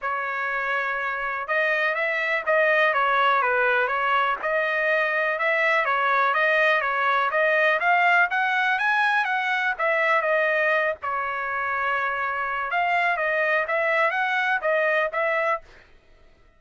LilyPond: \new Staff \with { instrumentName = "trumpet" } { \time 4/4 \tempo 4 = 123 cis''2. dis''4 | e''4 dis''4 cis''4 b'4 | cis''4 dis''2 e''4 | cis''4 dis''4 cis''4 dis''4 |
f''4 fis''4 gis''4 fis''4 | e''4 dis''4. cis''4.~ | cis''2 f''4 dis''4 | e''4 fis''4 dis''4 e''4 | }